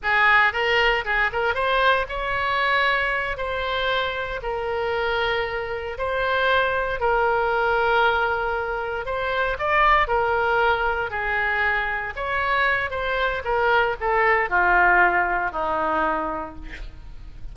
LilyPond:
\new Staff \with { instrumentName = "oboe" } { \time 4/4 \tempo 4 = 116 gis'4 ais'4 gis'8 ais'8 c''4 | cis''2~ cis''8 c''4.~ | c''8 ais'2. c''8~ | c''4. ais'2~ ais'8~ |
ais'4. c''4 d''4 ais'8~ | ais'4. gis'2 cis''8~ | cis''4 c''4 ais'4 a'4 | f'2 dis'2 | }